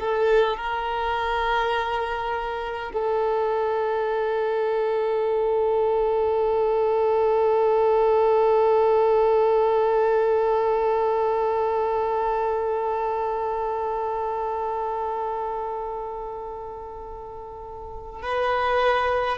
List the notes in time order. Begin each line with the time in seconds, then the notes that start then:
0.00 A4
0.57 A#4
2.93 A4
18.22 B4